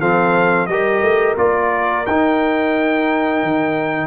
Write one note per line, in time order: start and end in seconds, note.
0.00 0.68 F3
0.00 0.69 C4
0.00 0.68 A4
0.00 0.66 F5
0.66 1.02 G3
0.66 1.37 G4
0.66 4.07 A#4
0.66 1.35 D#5
1.02 1.36 A3
1.37 2.06 A#3
1.37 2.05 F4
1.37 2.06 D5
2.06 3.43 D#4
2.06 4.07 D#4
2.06 4.07 G5
3.43 4.07 D#3